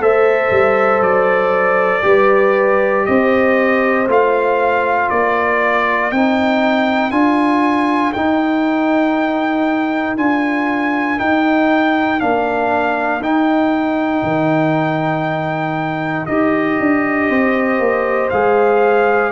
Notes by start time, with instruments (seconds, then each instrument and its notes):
0.00 tuba A3, trombone A4, horn C5, trumpet E5
0.51 tuba G3
1.01 tuba F#3, trumpet D5
2.03 tuba G3, trombone G4, horn B4
3.06 tuba C4, horn C5, trumpet D#5
4.08 tuba A3, trombone F4, trumpet F5
5.10 tuba A#3, horn A#4, trumpet D5
6.11 tuba C4, trombone D#4, trumpet G5
7.11 tuba D4, trombone F4, trumpet G#5
8.13 tuba D#4, trombone D#4, trumpet G5
10.17 tuba D4, trombone F4, trumpet G#5
11.18 trombone D#4, tuba D#4, trumpet G5
12.20 tuba A#3, trombone D4, trumpet F5
13.21 tuba D#4, trombone D#4, trumpet G5
14.23 tuba D#3
16.26 tuba D#4, trombone G4, trumpet D#5
16.80 tuba D4
17.29 tuba C4, horn C5
17.80 tuba A#3
18.30 tuba G#3, trombone G#4, trumpet F5